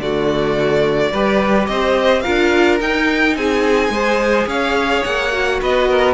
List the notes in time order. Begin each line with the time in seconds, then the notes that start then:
0.00 D3 A3 F#4 D5
1.12 G3 G4 B4
1.67 C4 C5 D#5
2.21 D4 F4 A#4 F5
2.81 D#4 G5
3.37 C4 G#4 G#5
3.90 G#3 G#4 C5
4.47 C#4 C#5 F5
5.05 A#3 F#5
5.32 F#4
5.61 B3 B4 D#5
5.89 A#4